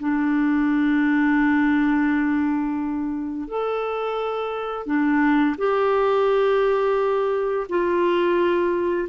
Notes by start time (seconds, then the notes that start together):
0.00 D4
3.48 A4
4.86 D4
5.58 G4
7.69 F4